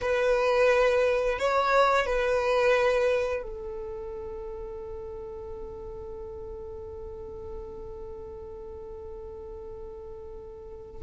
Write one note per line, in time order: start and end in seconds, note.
0.01 1.38 B4
1.38 2.06 C#5
2.06 3.42 B4
3.42 11.01 A4